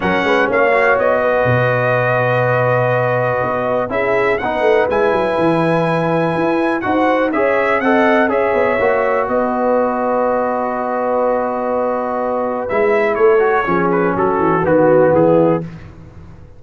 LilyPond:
<<
  \new Staff \with { instrumentName = "trumpet" } { \time 4/4 \tempo 4 = 123 fis''4 f''4 dis''2~ | dis''1 | e''4 fis''4 gis''2~ | gis''2 fis''4 e''4 |
fis''4 e''2 dis''4~ | dis''1~ | dis''2 e''4 cis''4~ | cis''8 b'8 a'4 fis'4 gis'4 | }
  \new Staff \with { instrumentName = "horn" } { \time 4/4 ais'8 b'8 cis''4. b'4.~ | b'1 | gis'4 b'2.~ | b'2 c''4 cis''4 |
dis''4 cis''2 b'4~ | b'1~ | b'2. a'4 | gis'4 fis'2 e'4 | }
  \new Staff \with { instrumentName = "trombone" } { \time 4/4 cis'4. fis'2~ fis'8~ | fis'1 | e'4 dis'4 e'2~ | e'2 fis'4 gis'4 |
a'4 gis'4 fis'2~ | fis'1~ | fis'2 e'4. fis'8 | cis'2 b2 | }
  \new Staff \with { instrumentName = "tuba" } { \time 4/4 fis8 gis8 ais4 b4 b,4~ | b,2. b4 | cis'4 b8 a8 gis8 fis8 e4~ | e4 e'4 dis'4 cis'4 |
c'4 cis'8 b8 ais4 b4~ | b1~ | b2 gis4 a4 | f4 fis8 e8 dis4 e4 | }
>>